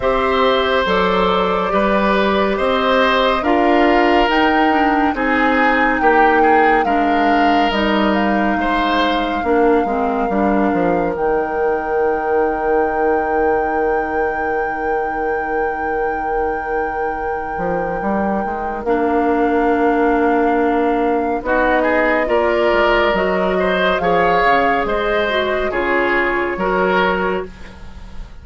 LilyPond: <<
  \new Staff \with { instrumentName = "flute" } { \time 4/4 \tempo 4 = 70 e''4 d''2 dis''4 | f''4 g''4 gis''4 g''4 | f''4 dis''8 f''2~ f''8~ | f''4 g''2.~ |
g''1~ | g''2 f''2~ | f''4 dis''4 d''4 dis''4 | f''4 dis''4 cis''2 | }
  \new Staff \with { instrumentName = "oboe" } { \time 4/4 c''2 b'4 c''4 | ais'2 gis'4 g'8 gis'8 | ais'2 c''4 ais'4~ | ais'1~ |
ais'1~ | ais'1~ | ais'4 fis'8 gis'8 ais'4. c''8 | cis''4 c''4 gis'4 ais'4 | }
  \new Staff \with { instrumentName = "clarinet" } { \time 4/4 g'4 a'4 g'2 | f'4 dis'8 d'8 dis'2 | d'4 dis'2 d'8 c'8 | d'4 dis'2.~ |
dis'1~ | dis'2 d'2~ | d'4 dis'4 f'4 fis'4 | gis'4. fis'8 f'4 fis'4 | }
  \new Staff \with { instrumentName = "bassoon" } { \time 4/4 c'4 fis4 g4 c'4 | d'4 dis'4 c'4 ais4 | gis4 g4 gis4 ais8 gis8 | g8 f8 dis2.~ |
dis1~ | dis8 f8 g8 gis8 ais2~ | ais4 b4 ais8 gis8 fis4 | f8 cis8 gis4 cis4 fis4 | }
>>